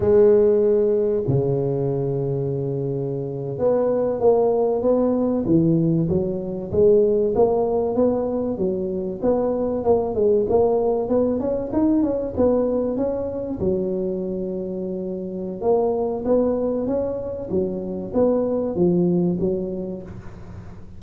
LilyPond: \new Staff \with { instrumentName = "tuba" } { \time 4/4 \tempo 4 = 96 gis2 cis2~ | cis4.~ cis16 b4 ais4 b16~ | b8. e4 fis4 gis4 ais16~ | ais8. b4 fis4 b4 ais16~ |
ais16 gis8 ais4 b8 cis'8 dis'8 cis'8 b16~ | b8. cis'4 fis2~ fis16~ | fis4 ais4 b4 cis'4 | fis4 b4 f4 fis4 | }